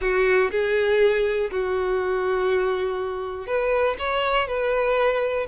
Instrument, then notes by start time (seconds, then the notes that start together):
violin
0.01 F#4
0.51 G#4
1.51 F#4
3.46 B4
3.98 C#5
4.47 B4